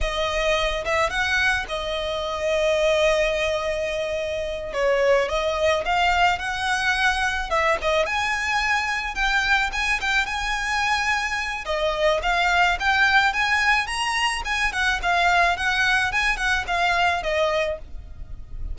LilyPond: \new Staff \with { instrumentName = "violin" } { \time 4/4 \tempo 4 = 108 dis''4. e''8 fis''4 dis''4~ | dis''1~ | dis''8 cis''4 dis''4 f''4 fis''8~ | fis''4. e''8 dis''8 gis''4.~ |
gis''8 g''4 gis''8 g''8 gis''4.~ | gis''4 dis''4 f''4 g''4 | gis''4 ais''4 gis''8 fis''8 f''4 | fis''4 gis''8 fis''8 f''4 dis''4 | }